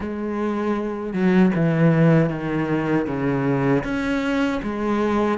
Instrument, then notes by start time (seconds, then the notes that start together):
cello
0.00 G#3
1.13 F#3
1.55 E3
2.29 D#3
3.06 C#3
3.84 C#4
4.62 G#3